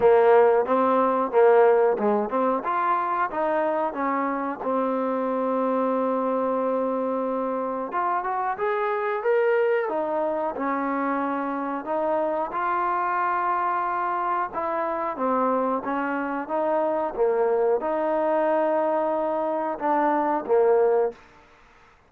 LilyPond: \new Staff \with { instrumentName = "trombone" } { \time 4/4 \tempo 4 = 91 ais4 c'4 ais4 gis8 c'8 | f'4 dis'4 cis'4 c'4~ | c'1 | f'8 fis'8 gis'4 ais'4 dis'4 |
cis'2 dis'4 f'4~ | f'2 e'4 c'4 | cis'4 dis'4 ais4 dis'4~ | dis'2 d'4 ais4 | }